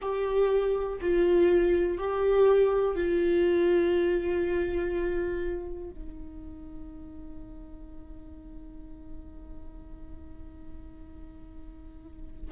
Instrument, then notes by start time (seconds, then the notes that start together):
viola
0.01 G4
1.00 F4
1.98 G4
2.95 F4
5.90 D#4